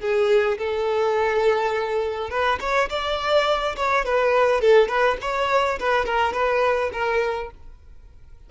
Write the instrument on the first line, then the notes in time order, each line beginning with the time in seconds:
violin
0.00 G#4
0.58 A4
2.30 B4
2.60 C#5
2.90 D5
3.76 C#5
4.05 B4
4.61 A4
4.88 B4
5.21 C#5
5.79 B4
6.06 A#4
6.33 B4
6.93 A#4